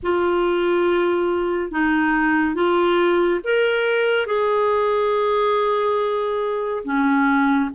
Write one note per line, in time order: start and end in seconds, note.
0.02 1.71 F4
1.71 2.54 D#4
2.54 3.40 F4
3.44 4.26 A#4
4.26 6.83 G#4
6.84 7.69 C#4